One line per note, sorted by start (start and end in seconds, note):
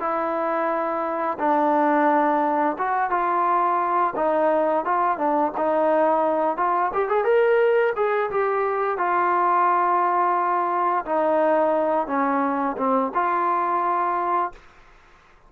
0.00 1.38 E4
1.39 2.77 D4
2.78 3.10 F#4
3.10 4.14 F4
4.16 4.85 D#4
4.85 5.18 F4
5.18 5.52 D4
5.57 6.57 D#4
6.57 6.92 F4
6.94 7.09 G4
7.09 7.24 G#4
7.24 7.93 A#4
7.96 8.30 G#4
8.31 8.98 G4
8.98 11.05 F4
11.06 12.07 D#4
12.07 12.76 C#4
12.78 13.12 C4
13.14 14.52 F4